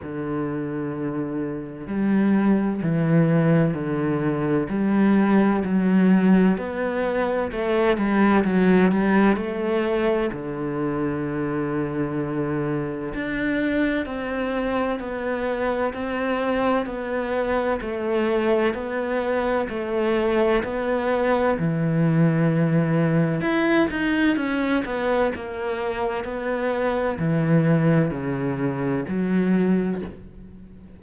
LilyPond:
\new Staff \with { instrumentName = "cello" } { \time 4/4 \tempo 4 = 64 d2 g4 e4 | d4 g4 fis4 b4 | a8 g8 fis8 g8 a4 d4~ | d2 d'4 c'4 |
b4 c'4 b4 a4 | b4 a4 b4 e4~ | e4 e'8 dis'8 cis'8 b8 ais4 | b4 e4 cis4 fis4 | }